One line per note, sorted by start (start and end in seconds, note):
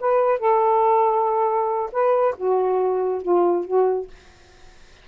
0.00 0.39 B4
0.39 1.90 A4
1.92 2.35 B4
2.37 3.22 F#4
3.22 3.65 F4
3.65 4.08 F#4